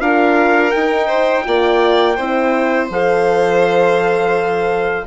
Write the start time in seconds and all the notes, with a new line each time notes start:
0.00 D4 F4 A#4 F5
0.70 D#4 G5
1.07 C5
1.44 A#3 F4 D5
2.16 C4 E4 C5
2.89 F3 A4 F5